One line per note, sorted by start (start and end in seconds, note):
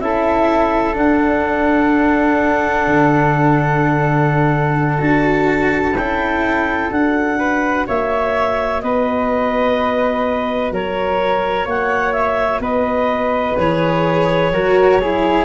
0.00 0.96 C#4
0.00 0.94 E4
0.00 7.39 A4
0.00 0.95 E5
0.94 4.98 D4
0.94 2.86 D4
0.94 5.02 F#5
2.87 5.00 D3
4.98 5.95 D4
4.98 5.93 F#4
4.98 5.96 A5
5.95 6.90 C#4
5.95 6.89 E4
5.95 6.91 G5
6.89 7.86 D4
6.89 13.55 F#4
6.89 7.87 F#5
7.39 7.86 B4
7.87 8.83 A#3
7.87 8.82 C#5
7.87 8.82 E5
8.82 10.71 B3
8.82 10.73 B4
8.82 10.72 D#5
10.71 11.66 F#3
10.71 11.65 A#4
10.71 11.69 C#5
11.65 12.60 A#3
11.65 12.61 C#5
11.65 12.13 F#5
12.13 12.61 E5
12.60 13.55 B3
12.60 14.52 B4
12.60 13.58 D#5
13.58 14.51 E3
13.58 14.54 G#4
13.58 15.45 C#5
14.51 15.45 F#3
14.51 15.02 F#4
14.51 15.00 A#4
15.01 15.45 E4
15.01 15.45 G#4